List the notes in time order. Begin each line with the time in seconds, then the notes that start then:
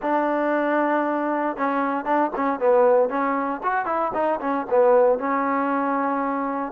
0.02 D4
1.57 C#4
2.05 D4
2.35 C#4
2.59 B3
3.09 C#4
3.63 F#4
3.85 E4
4.14 D#4
4.40 C#4
4.70 B3
5.18 C#4